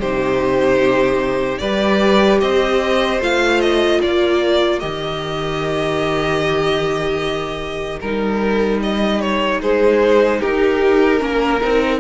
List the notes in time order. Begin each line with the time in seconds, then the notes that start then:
0.00 C3 D#4 G4 C5
1.59 G3 G4 B4 D5
2.41 C4 C5 D#5
3.20 A3 F4 F5
3.61 D#5
4.01 A#3 A#4 D5
4.79 D#3 G4 D#5
8.00 G3 D#4 A#4
8.83 D#5
9.21 C#5
9.61 G#3 G#4 C5
10.40 D#4 G4 A#4
11.19 A#3 C#4 A#4
11.61 C4 D#4